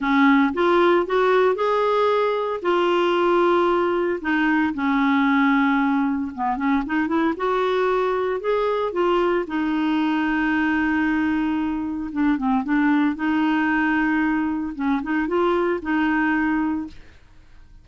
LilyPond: \new Staff \with { instrumentName = "clarinet" } { \time 4/4 \tempo 4 = 114 cis'4 f'4 fis'4 gis'4~ | gis'4 f'2. | dis'4 cis'2. | b8 cis'8 dis'8 e'8 fis'2 |
gis'4 f'4 dis'2~ | dis'2. d'8 c'8 | d'4 dis'2. | cis'8 dis'8 f'4 dis'2 | }